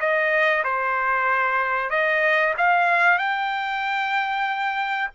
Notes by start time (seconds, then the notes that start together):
0.00 D#5
0.64 C5
1.90 D#5
2.58 F5
3.19 G5